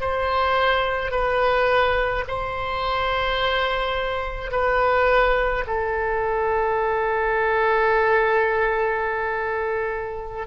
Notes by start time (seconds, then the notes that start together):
0.00 C5
1.11 B4
2.27 C5
4.51 B4
5.67 A4